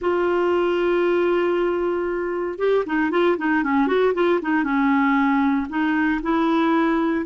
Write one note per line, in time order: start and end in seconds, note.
0.01 2.58 F4
2.58 2.84 G4
2.85 3.10 D#4
3.10 3.36 F4
3.37 3.63 D#4
3.63 3.87 C#4
3.87 4.13 F#4
4.14 4.39 F4
4.41 4.63 D#4
4.63 5.66 C#4
5.69 6.20 D#4
6.22 7.25 E4